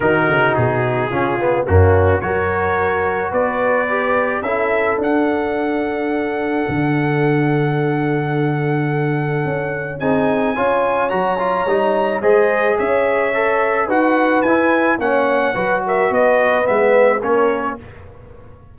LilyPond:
<<
  \new Staff \with { instrumentName = "trumpet" } { \time 4/4 \tempo 4 = 108 ais'4 gis'2 fis'4 | cis''2 d''2 | e''4 fis''2.~ | fis''1~ |
fis''2 gis''2 | ais''2 dis''4 e''4~ | e''4 fis''4 gis''4 fis''4~ | fis''8 e''8 dis''4 e''4 cis''4 | }
  \new Staff \with { instrumentName = "horn" } { \time 4/4 fis'2 f'4 cis'4 | ais'2 b'2 | a'1~ | a'1~ |
a'2 gis'4 cis''4~ | cis''2 c''4 cis''4~ | cis''4 b'2 cis''4 | b'8 ais'8 b'2 ais'4 | }
  \new Staff \with { instrumentName = "trombone" } { \time 4/4 dis'2 cis'8 b8 ais4 | fis'2. g'4 | e'4 d'2.~ | d'1~ |
d'2 dis'4 f'4 | fis'8 f'8 dis'4 gis'2 | a'4 fis'4 e'4 cis'4 | fis'2 b4 cis'4 | }
  \new Staff \with { instrumentName = "tuba" } { \time 4/4 dis8 cis8 b,4 cis4 fis,4 | fis2 b2 | cis'4 d'2. | d1~ |
d4 cis'4 c'4 cis'4 | fis4 g4 gis4 cis'4~ | cis'4 dis'4 e'4 ais4 | fis4 b4 gis4 ais4 | }
>>